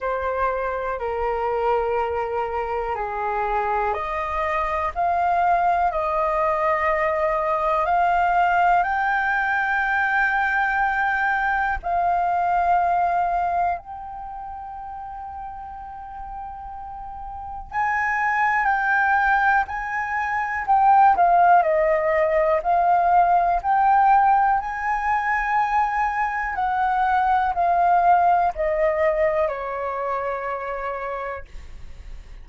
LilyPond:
\new Staff \with { instrumentName = "flute" } { \time 4/4 \tempo 4 = 61 c''4 ais'2 gis'4 | dis''4 f''4 dis''2 | f''4 g''2. | f''2 g''2~ |
g''2 gis''4 g''4 | gis''4 g''8 f''8 dis''4 f''4 | g''4 gis''2 fis''4 | f''4 dis''4 cis''2 | }